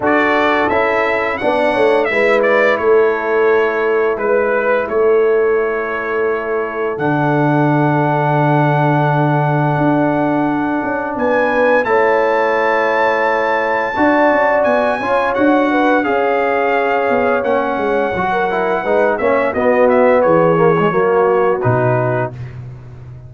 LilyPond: <<
  \new Staff \with { instrumentName = "trumpet" } { \time 4/4 \tempo 4 = 86 d''4 e''4 fis''4 e''8 d''8 | cis''2 b'4 cis''4~ | cis''2 fis''2~ | fis''1 |
gis''4 a''2.~ | a''4 gis''4 fis''4 f''4~ | f''4 fis''2~ fis''8 e''8 | dis''8 e''8 cis''2 b'4 | }
  \new Staff \with { instrumentName = "horn" } { \time 4/4 a'2 d''8 cis''8 b'4 | a'2 b'4 a'4~ | a'1~ | a'1 |
b'4 cis''2. | d''4. cis''4 b'8 cis''4~ | cis''2~ cis''16 ais'8. b'8 cis''8 | fis'4 gis'4 fis'2 | }
  \new Staff \with { instrumentName = "trombone" } { \time 4/4 fis'4 e'4 d'4 e'4~ | e'1~ | e'2 d'2~ | d'1~ |
d'4 e'2. | fis'4. f'8 fis'4 gis'4~ | gis'4 cis'4 fis'8 e'8 dis'8 cis'8 | b4. ais16 gis16 ais4 dis'4 | }
  \new Staff \with { instrumentName = "tuba" } { \time 4/4 d'4 cis'4 b8 a8 gis4 | a2 gis4 a4~ | a2 d2~ | d2 d'4. cis'8 |
b4 a2. | d'8 cis'8 b8 cis'8 d'4 cis'4~ | cis'8 b8 ais8 gis8 fis4 gis8 ais8 | b4 e4 fis4 b,4 | }
>>